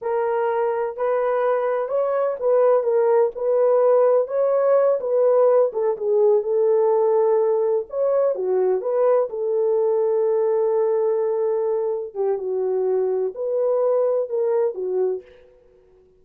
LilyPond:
\new Staff \with { instrumentName = "horn" } { \time 4/4 \tempo 4 = 126 ais'2 b'2 | cis''4 b'4 ais'4 b'4~ | b'4 cis''4. b'4. | a'8 gis'4 a'2~ a'8~ |
a'8 cis''4 fis'4 b'4 a'8~ | a'1~ | a'4. g'8 fis'2 | b'2 ais'4 fis'4 | }